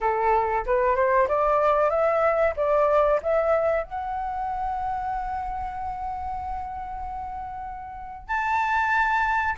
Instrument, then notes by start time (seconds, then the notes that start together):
flute
0.00 A4
0.66 B4
0.95 C5
1.28 D5
1.89 E5
2.56 D5
3.22 E5
3.83 F#5
8.27 A5